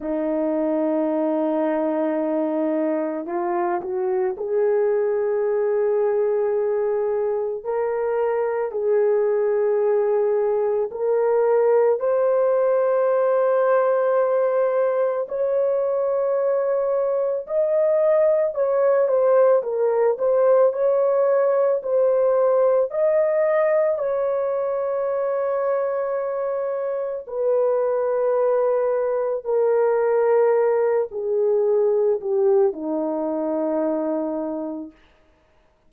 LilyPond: \new Staff \with { instrumentName = "horn" } { \time 4/4 \tempo 4 = 55 dis'2. f'8 fis'8 | gis'2. ais'4 | gis'2 ais'4 c''4~ | c''2 cis''2 |
dis''4 cis''8 c''8 ais'8 c''8 cis''4 | c''4 dis''4 cis''2~ | cis''4 b'2 ais'4~ | ais'8 gis'4 g'8 dis'2 | }